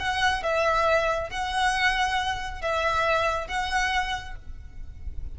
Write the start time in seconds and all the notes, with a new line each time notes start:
0.00 F#5
0.43 E5
1.31 F#5
2.62 E5
3.48 F#5